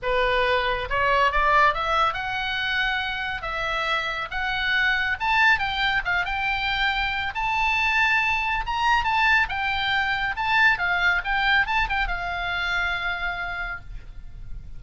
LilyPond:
\new Staff \with { instrumentName = "oboe" } { \time 4/4 \tempo 4 = 139 b'2 cis''4 d''4 | e''4 fis''2. | e''2 fis''2 | a''4 g''4 f''8 g''4.~ |
g''4 a''2. | ais''4 a''4 g''2 | a''4 f''4 g''4 a''8 g''8 | f''1 | }